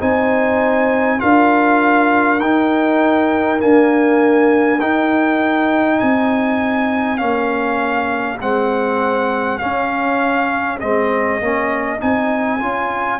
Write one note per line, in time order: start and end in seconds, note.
0.00 1.21 C4
0.00 1.18 D#4
0.00 1.20 C5
0.00 1.20 G#5
1.18 2.40 D4
1.18 2.38 F4
1.18 5.97 A#4
1.18 2.40 F5
2.40 3.60 D#4
2.40 3.59 D#4
2.40 3.60 G5
3.59 4.79 A#3
3.59 4.80 D4
3.59 4.80 G#5
4.80 6.00 D#4
4.80 7.18 D#4
4.80 6.00 G5
5.97 7.21 C4
5.97 13.17 G#4
5.97 7.17 G#5
7.17 8.40 A#3
7.17 8.38 C#4
7.17 8.38 F5
8.40 9.61 G#3
8.40 9.60 C4
8.40 9.58 F#5
9.58 10.80 C#4
9.58 10.82 C#4
9.58 10.78 F5
10.80 11.40 G#3
10.80 11.41 C4
10.80 12.00 D#5
11.40 12.01 A#3
11.40 11.99 C#4
11.99 12.61 C4
11.99 12.59 D#4
11.99 13.20 G#5
12.59 13.20 C#4
12.59 13.19 F4